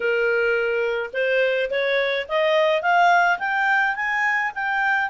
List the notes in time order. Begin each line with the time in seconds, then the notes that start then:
0.00 A#4
1.13 C5
1.70 C#5
2.28 D#5
2.81 F5
3.38 G5
3.95 G#5
4.54 G5